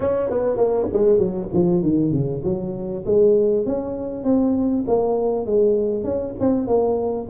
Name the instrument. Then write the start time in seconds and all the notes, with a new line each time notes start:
tuba
0.00 C#4
0.29 B3
0.56 A#3
0.92 G#3
1.18 F#3
1.53 F3
1.82 D#3
2.12 C#3
2.44 F#3
3.05 G#3
3.66 C#4
4.24 C4
4.87 A#3
5.46 G#3
6.03 C#4
6.39 C4
6.67 A#3